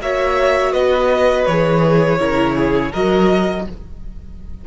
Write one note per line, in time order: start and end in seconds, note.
0.00 0.73 A#3
0.00 1.48 F#4
0.00 0.72 C#5
0.00 0.72 E5
0.72 1.46 B3
0.72 2.19 B4
0.72 1.45 D#5
1.45 2.19 E3
1.45 2.19 G#4
1.45 2.92 C#5
2.19 2.92 C#3
2.19 2.92 E4
2.19 2.55 A#4
2.55 2.91 G#4
2.91 3.67 F#3
2.91 3.66 F#4
2.91 3.64 A#4
2.91 3.66 D#5